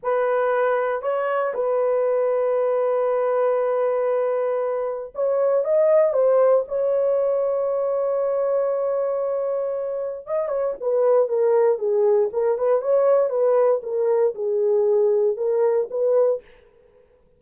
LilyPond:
\new Staff \with { instrumentName = "horn" } { \time 4/4 \tempo 4 = 117 b'2 cis''4 b'4~ | b'1~ | b'2 cis''4 dis''4 | c''4 cis''2.~ |
cis''1 | dis''8 cis''8 b'4 ais'4 gis'4 | ais'8 b'8 cis''4 b'4 ais'4 | gis'2 ais'4 b'4 | }